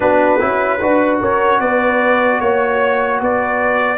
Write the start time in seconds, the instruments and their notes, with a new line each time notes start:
0.00 tuba B3, trombone D4, horn F#4, trumpet B4
0.39 tuba C#4, trombone E4
0.80 tuba D4, trombone F#4, horn B4
1.20 tuba C#4, horn A#4, trumpet C#5
1.59 tuba B3, horn B4, trumpet D5
2.40 tuba A#3, trumpet C#5, horn C#5
3.20 tuba B3, horn B4, trumpet D5